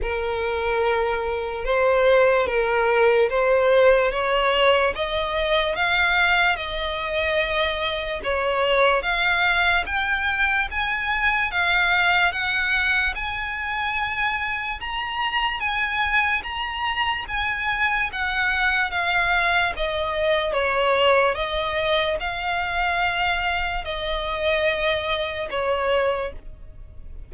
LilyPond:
\new Staff \with { instrumentName = "violin" } { \time 4/4 \tempo 4 = 73 ais'2 c''4 ais'4 | c''4 cis''4 dis''4 f''4 | dis''2 cis''4 f''4 | g''4 gis''4 f''4 fis''4 |
gis''2 ais''4 gis''4 | ais''4 gis''4 fis''4 f''4 | dis''4 cis''4 dis''4 f''4~ | f''4 dis''2 cis''4 | }